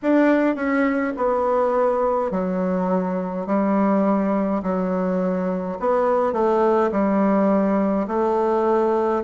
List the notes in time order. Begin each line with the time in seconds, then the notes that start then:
0.02 D4
0.55 C#4
1.16 B3
2.31 F#3
3.46 G3
4.63 F#3
5.79 B3
6.32 A3
6.91 G3
8.07 A3